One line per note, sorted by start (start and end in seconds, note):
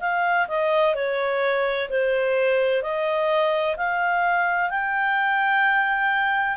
0.00 0.47 F5
0.48 0.95 D#5
0.95 1.88 C#5
1.89 2.82 C5
2.82 3.76 D#5
3.77 4.70 F5
4.70 6.57 G5